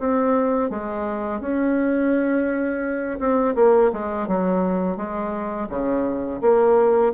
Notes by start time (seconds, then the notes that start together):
0.00 C4
0.70 G#3
1.41 C#4
3.19 C4
3.56 A#3
3.93 G#3
4.28 F#3
4.97 G#3
5.69 C#3
6.42 A#3